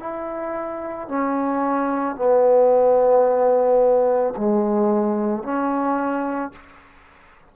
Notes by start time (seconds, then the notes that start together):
0.00 E4
1.09 C#4
2.16 B3
4.37 G#3
5.43 C#4